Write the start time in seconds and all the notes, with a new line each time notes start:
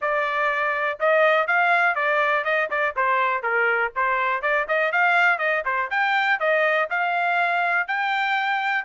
0.01 D5
0.99 D#5
1.47 F5
1.95 D5
2.44 D#5
2.70 D5
2.96 C5
3.42 A#4
3.95 C5
4.42 D5
4.67 D#5
4.92 F5
5.38 D#5
5.65 C5
5.90 G5
6.39 D#5
6.90 F5
7.87 G5